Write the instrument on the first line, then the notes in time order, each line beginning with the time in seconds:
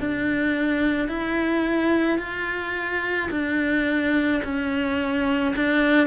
cello
0.00 D4
1.09 E4
2.19 F4
3.31 D4
4.44 C#4
5.56 D4